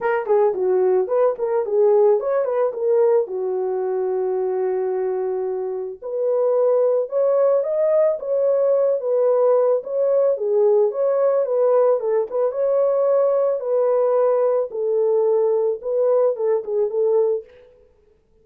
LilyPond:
\new Staff \with { instrumentName = "horn" } { \time 4/4 \tempo 4 = 110 ais'8 gis'8 fis'4 b'8 ais'8 gis'4 | cis''8 b'8 ais'4 fis'2~ | fis'2. b'4~ | b'4 cis''4 dis''4 cis''4~ |
cis''8 b'4. cis''4 gis'4 | cis''4 b'4 a'8 b'8 cis''4~ | cis''4 b'2 a'4~ | a'4 b'4 a'8 gis'8 a'4 | }